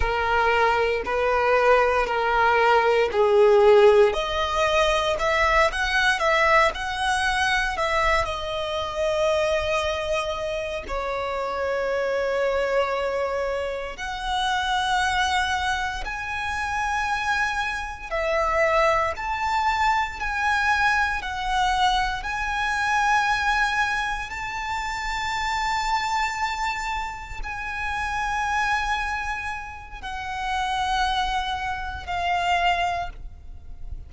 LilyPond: \new Staff \with { instrumentName = "violin" } { \time 4/4 \tempo 4 = 58 ais'4 b'4 ais'4 gis'4 | dis''4 e''8 fis''8 e''8 fis''4 e''8 | dis''2~ dis''8 cis''4.~ | cis''4. fis''2 gis''8~ |
gis''4. e''4 a''4 gis''8~ | gis''8 fis''4 gis''2 a''8~ | a''2~ a''8 gis''4.~ | gis''4 fis''2 f''4 | }